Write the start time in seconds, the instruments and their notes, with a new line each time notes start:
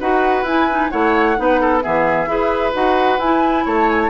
0.00 bassoon D#4, clarinet F#4, oboe B4, flute F#5
0.43 bassoon E4, clarinet E4, flute G#5
0.70 clarinet D#4
0.90 bassoon A3, clarinet E4, oboe C#5, flute F#5
1.37 bassoon B3, clarinet D#4, oboe B4
1.61 oboe A4
1.81 bassoon E3, clarinet B3, oboe G#4, flute E5
2.27 bassoon E4, clarinet G#4, oboe B4
2.73 bassoon D#4, clarinet F#4, flute F#5
3.19 bassoon E4, clarinet E4, flute G#5
3.65 bassoon A3, oboe C#5, flute A5
3.90 flute G#5
4.01 flute A5